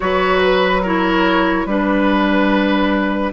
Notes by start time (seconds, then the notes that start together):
0.00 F#3 F#4 B4 C#5
0.43 B4
0.82 E4 A#4 C#5
1.65 G3 D4 B4